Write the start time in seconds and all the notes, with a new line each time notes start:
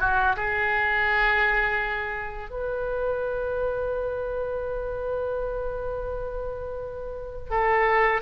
0.00 F#4
0.36 G#4
2.50 B4
7.50 A4